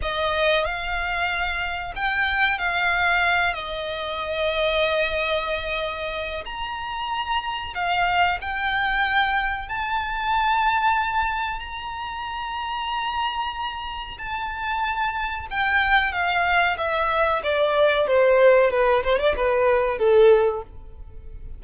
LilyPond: \new Staff \with { instrumentName = "violin" } { \time 4/4 \tempo 4 = 93 dis''4 f''2 g''4 | f''4. dis''2~ dis''8~ | dis''2 ais''2 | f''4 g''2 a''4~ |
a''2 ais''2~ | ais''2 a''2 | g''4 f''4 e''4 d''4 | c''4 b'8 c''16 d''16 b'4 a'4 | }